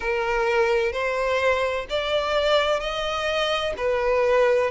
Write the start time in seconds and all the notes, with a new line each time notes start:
0.00 A#4
0.92 C5
1.89 D5
2.80 D#5
3.77 B4